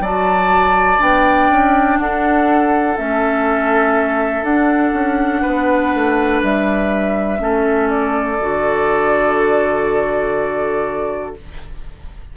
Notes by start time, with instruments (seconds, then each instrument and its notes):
0.00 bassoon F#3, clarinet F#4, oboe D5, flute A5
0.99 bassoon B3, clarinet D4, flute G5
1.51 bassoon C#4
1.98 bassoon D4, oboe A4, flute F#5
2.97 bassoon A3, clarinet C#4, flute E5
4.43 bassoon D4, clarinet D4, flute F#5
4.93 bassoon C#4
5.42 bassoon B3, oboe B4
5.95 bassoon A3
6.43 bassoon G3, flute E5
7.39 bassoon A3, clarinet C#4, oboe A4
7.90 flute D5
8.41 bassoon D3, clarinet F#4